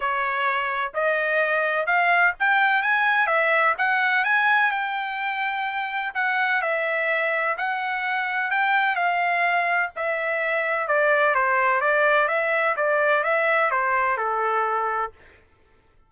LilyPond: \new Staff \with { instrumentName = "trumpet" } { \time 4/4 \tempo 4 = 127 cis''2 dis''2 | f''4 g''4 gis''4 e''4 | fis''4 gis''4 g''2~ | g''4 fis''4 e''2 |
fis''2 g''4 f''4~ | f''4 e''2 d''4 | c''4 d''4 e''4 d''4 | e''4 c''4 a'2 | }